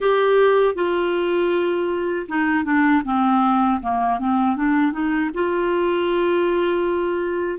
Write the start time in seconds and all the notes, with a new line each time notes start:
0.00 G4
0.75 F4
2.28 D#4
2.64 D4
3.04 C4
3.81 A#3
4.19 C4
4.56 D4
4.92 D#4
5.34 F4